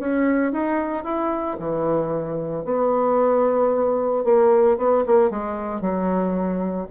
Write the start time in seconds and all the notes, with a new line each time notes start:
0.00 C#4
0.53 D#4
1.04 E4
1.59 E3
2.65 B3
4.25 A#3
4.78 B3
5.07 A#3
5.31 G#3
5.82 F#3